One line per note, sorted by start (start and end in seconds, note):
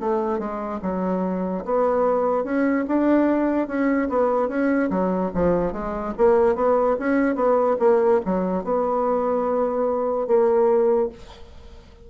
0.00 0.38 A3
0.38 0.80 G#3
0.82 1.64 F#3
1.65 2.44 B3
2.44 2.85 C#4
2.87 3.67 D4
3.67 4.08 C#4
4.09 4.48 B3
4.48 4.89 C#4
4.90 5.31 F#3
5.34 5.72 F3
5.72 6.13 G#3
6.18 6.55 A#3
6.55 6.96 B3
6.99 7.35 C#4
7.35 7.76 B3
7.79 8.20 A#3
8.25 8.64 F#3
8.64 10.27 B3
10.27 11.09 A#3